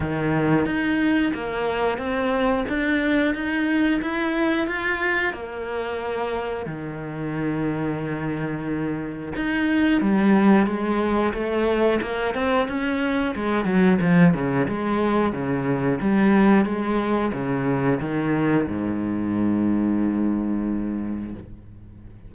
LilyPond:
\new Staff \with { instrumentName = "cello" } { \time 4/4 \tempo 4 = 90 dis4 dis'4 ais4 c'4 | d'4 dis'4 e'4 f'4 | ais2 dis2~ | dis2 dis'4 g4 |
gis4 a4 ais8 c'8 cis'4 | gis8 fis8 f8 cis8 gis4 cis4 | g4 gis4 cis4 dis4 | gis,1 | }